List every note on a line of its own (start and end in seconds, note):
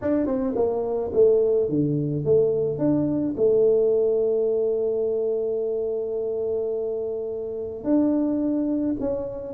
0.01 0.26 D4
0.26 0.54 C4
0.55 1.11 A#3
1.13 1.69 A3
1.69 2.24 D3
2.24 2.78 A3
2.78 3.34 D4
3.36 7.84 A3
7.84 8.96 D4
9.00 9.53 C#4